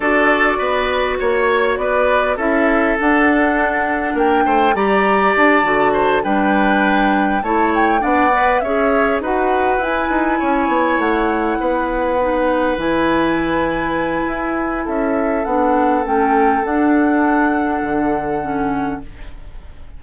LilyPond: <<
  \new Staff \with { instrumentName = "flute" } { \time 4/4 \tempo 4 = 101 d''2 cis''4 d''4 | e''4 fis''2 g''4 | ais''4 a''4. g''4.~ | g''8 a''8 g''8 fis''4 e''4 fis''8~ |
fis''8 gis''2 fis''4.~ | fis''4. gis''2~ gis''8~ | gis''4 e''4 fis''4 g''4 | fis''1 | }
  \new Staff \with { instrumentName = "oboe" } { \time 4/4 a'4 b'4 cis''4 b'4 | a'2. ais'8 c''8 | d''2 c''8 b'4.~ | b'8 cis''4 d''4 cis''4 b'8~ |
b'4. cis''2 b'8~ | b'1~ | b'4 a'2.~ | a'1 | }
  \new Staff \with { instrumentName = "clarinet" } { \time 4/4 fis'1 | e'4 d'2. | g'4. fis'4 d'4.~ | d'8 e'4 d'8 b'8 gis'4 fis'8~ |
fis'8 e'2.~ e'8~ | e'8 dis'4 e'2~ e'8~ | e'2 d'4 cis'4 | d'2. cis'4 | }
  \new Staff \with { instrumentName = "bassoon" } { \time 4/4 d'4 b4 ais4 b4 | cis'4 d'2 ais8 a8 | g4 d'8 d4 g4.~ | g8 a4 b4 cis'4 dis'8~ |
dis'8 e'8 dis'8 cis'8 b8 a4 b8~ | b4. e2~ e8 | e'4 cis'4 b4 a4 | d'2 d2 | }
>>